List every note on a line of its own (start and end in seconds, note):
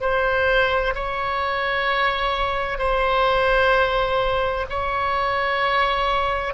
0.00 0.94 C5
0.95 2.78 C#5
2.78 4.66 C5
4.70 6.54 C#5